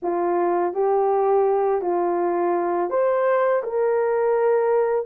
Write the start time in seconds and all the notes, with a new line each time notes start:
0.02 F4
0.73 G4
1.81 F4
2.90 C5
3.63 A#4